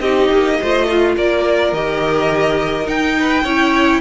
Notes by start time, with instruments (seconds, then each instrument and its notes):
0.00 cello C4, viola D#4, violin G4 D#5
0.32 cello A#3
0.61 cello A3, viola F4, violin C5
0.87 violin F4
1.17 cello A#3, violin A#4 D5
1.73 cello D#3, viola G4, violin D#5
2.85 viola D#4, cello D#4, violin G5
3.19 violin B4
3.44 cello C#4, viola E4, violin C#5